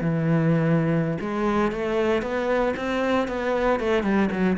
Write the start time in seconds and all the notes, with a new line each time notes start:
0.00 E3
1.20 G#3
1.71 A3
2.22 B3
2.76 C4
3.27 B3
3.79 A3
4.02 G3
4.31 F#3